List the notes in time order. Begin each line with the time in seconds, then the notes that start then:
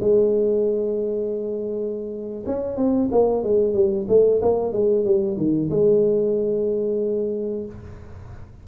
0.00 G#3
2.46 C#4
2.76 C4
3.11 A#3
3.43 G#3
3.74 G3
4.08 A3
4.41 A#3
4.72 G#3
5.05 G3
5.37 D#3
5.70 G#3